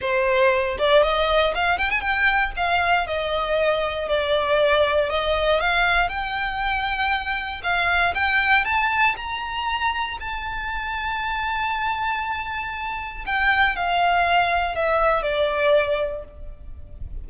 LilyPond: \new Staff \with { instrumentName = "violin" } { \time 4/4 \tempo 4 = 118 c''4. d''8 dis''4 f''8 g''16 gis''16 | g''4 f''4 dis''2 | d''2 dis''4 f''4 | g''2. f''4 |
g''4 a''4 ais''2 | a''1~ | a''2 g''4 f''4~ | f''4 e''4 d''2 | }